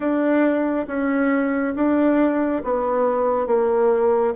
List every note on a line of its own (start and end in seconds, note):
0.00 0.86 D4
0.87 1.74 C#4
1.75 2.62 D4
2.64 3.47 B3
3.47 4.34 A#3